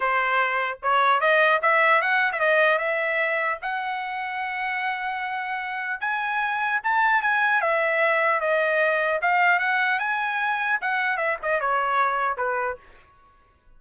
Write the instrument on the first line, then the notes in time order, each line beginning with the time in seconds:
trumpet
0.00 C5
0.82 C#5
1.20 D#5
1.61 E5
2.01 F#5
2.32 E5
2.39 D#5
2.78 E5
3.61 F#5
6.00 G#5
6.83 A5
7.21 G#5
7.61 E5
8.40 D#5
9.21 F5
9.59 F#5
9.99 G#5
10.81 F#5
11.17 E5
11.42 D#5
11.60 C#5
12.37 B4